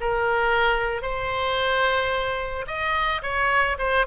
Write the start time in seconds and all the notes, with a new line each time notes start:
0.00 A#4
1.02 C5
2.67 D#5
3.22 C#5
3.78 C5